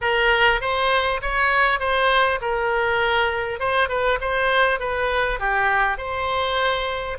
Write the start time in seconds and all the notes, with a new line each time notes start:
0.01 A#4
0.61 C5
1.21 C#5
1.79 C5
2.41 A#4
3.59 C5
3.88 B4
4.20 C5
4.79 B4
5.39 G4
5.97 C5